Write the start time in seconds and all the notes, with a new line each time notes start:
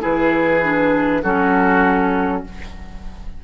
0.00 E3 E4 G#4 B4
0.63 D4
1.22 F#3 C#4 F#4 A4